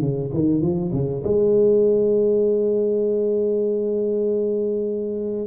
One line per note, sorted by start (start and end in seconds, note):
0.00 0.30 C#3
0.33 0.61 D#3
0.61 0.91 F3
0.92 1.23 C#3
1.24 5.47 G#3